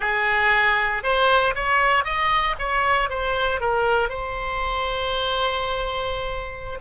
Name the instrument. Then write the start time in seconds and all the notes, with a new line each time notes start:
oboe
0.00 G#4
1.03 C5
1.55 C#5
2.04 D#5
2.59 C#5
3.09 C5
3.60 A#4
4.09 C5